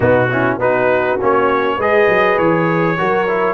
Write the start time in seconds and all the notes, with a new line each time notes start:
0.00 B2 B3 D#4 F#4
0.31 C#4 E4
0.58 B3 D#4 F#4 B4
1.20 A#3 C#4 C#5
1.75 G#3 G#4 B4 D#5
2.08 F#3
2.38 E3 C#5
2.97 F#3 F#4 A#4
3.27 E4